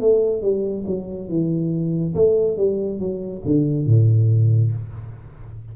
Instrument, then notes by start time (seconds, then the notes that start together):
tuba
0.00 A3
0.41 G3
0.86 F#3
1.28 E3
2.14 A3
2.57 G3
2.99 F#3
3.45 D3
3.86 A2